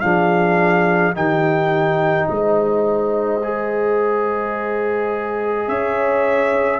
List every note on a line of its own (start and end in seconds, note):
0.00 1.15 F3
0.00 1.14 D4
0.00 1.15 G#4
0.00 1.13 F5
1.14 2.28 D#3
1.14 3.41 D#4
1.14 2.28 G4
1.14 2.28 G5
2.28 5.67 G#3
2.28 5.68 C5
2.28 5.68 D#5
3.43 6.80 G#4
5.67 6.80 C#4
5.67 6.80 C#5
5.67 6.80 E5